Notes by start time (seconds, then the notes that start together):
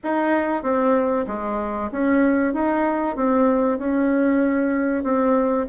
0.03 D#4
0.62 C4
1.27 G#3
1.91 C#4
2.53 D#4
3.16 C4
3.78 C#4
5.03 C4